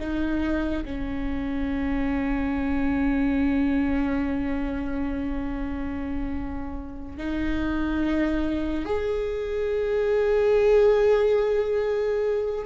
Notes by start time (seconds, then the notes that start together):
0.00 D#4
0.85 C#4
7.18 D#4
8.86 G#4